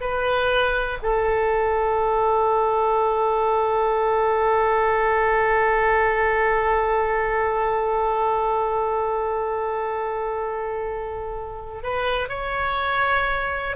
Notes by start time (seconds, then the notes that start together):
0.00 B4
1.02 A4
11.83 B4
12.29 C#5